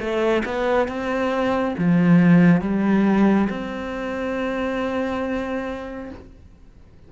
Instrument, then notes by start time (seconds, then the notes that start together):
cello
0.00 A3
0.46 B3
0.89 C4
1.78 F3
2.62 G3
3.50 C4